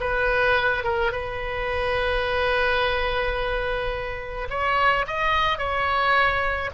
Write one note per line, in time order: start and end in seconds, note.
0.00 0.84 B4
0.84 1.12 A#4
1.12 4.48 B4
4.50 5.06 C#5
5.07 5.58 D#5
5.58 6.70 C#5